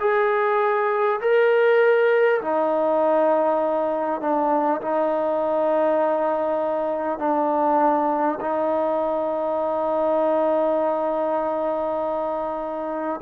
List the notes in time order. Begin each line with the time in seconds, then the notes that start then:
0.00 G#4
1.20 A#4
2.41 D#4
4.21 D4
4.81 D#4
7.18 D4
8.40 D#4